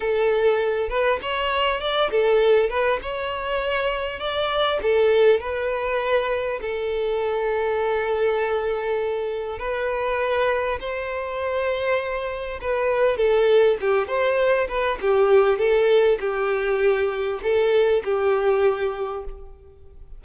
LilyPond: \new Staff \with { instrumentName = "violin" } { \time 4/4 \tempo 4 = 100 a'4. b'8 cis''4 d''8 a'8~ | a'8 b'8 cis''2 d''4 | a'4 b'2 a'4~ | a'1 |
b'2 c''2~ | c''4 b'4 a'4 g'8 c''8~ | c''8 b'8 g'4 a'4 g'4~ | g'4 a'4 g'2 | }